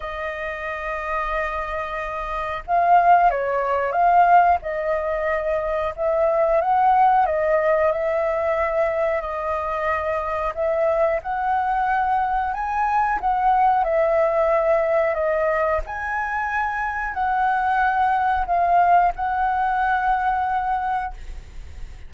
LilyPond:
\new Staff \with { instrumentName = "flute" } { \time 4/4 \tempo 4 = 91 dis''1 | f''4 cis''4 f''4 dis''4~ | dis''4 e''4 fis''4 dis''4 | e''2 dis''2 |
e''4 fis''2 gis''4 | fis''4 e''2 dis''4 | gis''2 fis''2 | f''4 fis''2. | }